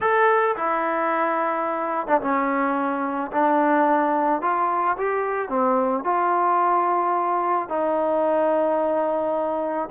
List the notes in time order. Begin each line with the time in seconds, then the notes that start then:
0.01 A4
0.56 E4
2.07 D4
2.21 C#4
3.31 D4
4.41 F4
4.97 G4
5.48 C4
6.04 F4
7.68 D#4